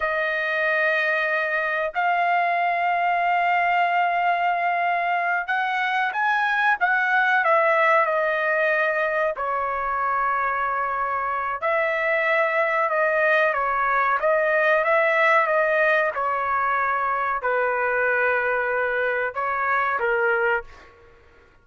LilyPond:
\new Staff \with { instrumentName = "trumpet" } { \time 4/4 \tempo 4 = 93 dis''2. f''4~ | f''1~ | f''8 fis''4 gis''4 fis''4 e''8~ | e''8 dis''2 cis''4.~ |
cis''2 e''2 | dis''4 cis''4 dis''4 e''4 | dis''4 cis''2 b'4~ | b'2 cis''4 ais'4 | }